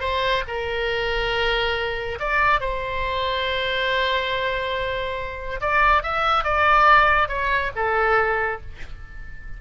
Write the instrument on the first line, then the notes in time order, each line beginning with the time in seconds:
oboe
0.00 C5
0.47 A#4
2.19 D5
2.60 C5
5.61 D5
6.03 E5
6.44 D5
7.28 C#5
7.75 A4